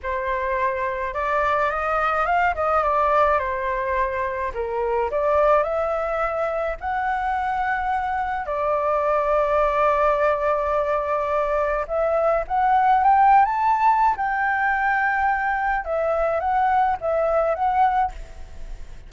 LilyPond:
\new Staff \with { instrumentName = "flute" } { \time 4/4 \tempo 4 = 106 c''2 d''4 dis''4 | f''8 dis''8 d''4 c''2 | ais'4 d''4 e''2 | fis''2. d''4~ |
d''1~ | d''4 e''4 fis''4 g''8. a''16~ | a''4 g''2. | e''4 fis''4 e''4 fis''4 | }